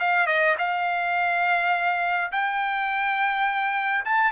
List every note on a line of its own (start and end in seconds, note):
0.00 0.27 F5
0.27 0.56 D#5
0.58 2.31 F5
2.32 4.05 G5
4.05 4.32 A5